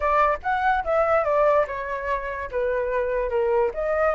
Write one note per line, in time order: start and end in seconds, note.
0.00 0.38 D5
0.43 0.84 F#5
0.84 1.24 E5
1.24 1.66 D5
1.67 2.49 C#5
2.51 3.29 B4
3.29 3.70 A#4
3.74 4.14 D#5